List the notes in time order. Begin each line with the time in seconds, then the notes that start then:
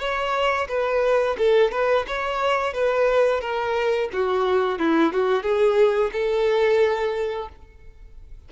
0.00 C#5
0.69 B4
1.39 A4
1.72 B4
2.07 C#5
2.74 B4
3.42 A#4
4.13 F#4
4.79 E4
5.13 F#4
5.43 G#4
6.13 A4